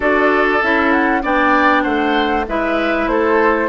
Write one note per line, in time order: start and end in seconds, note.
0.00 0.61 D4
0.00 0.60 F#4
0.00 1.22 A4
0.00 0.62 D5
0.62 1.23 C#4
0.62 1.22 E4
0.62 0.91 E5
0.91 1.22 F#5
1.22 1.85 B3
1.22 2.46 D4
1.22 1.83 D5
1.22 1.83 G5
1.83 2.47 A3
1.83 2.45 C5
1.83 2.44 F#5
2.47 3.07 G#3
2.47 3.69 E4
2.47 3.10 B4
2.47 3.08 E5
3.07 3.69 A3
3.07 3.69 A4
3.07 3.69 C5